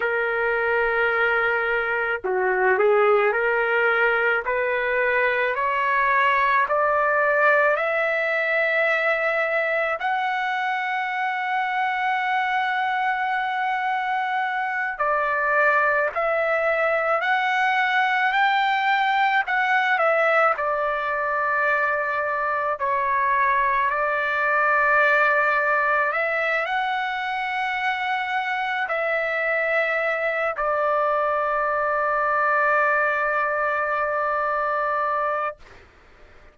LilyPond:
\new Staff \with { instrumentName = "trumpet" } { \time 4/4 \tempo 4 = 54 ais'2 fis'8 gis'8 ais'4 | b'4 cis''4 d''4 e''4~ | e''4 fis''2.~ | fis''4. d''4 e''4 fis''8~ |
fis''8 g''4 fis''8 e''8 d''4.~ | d''8 cis''4 d''2 e''8 | fis''2 e''4. d''8~ | d''1 | }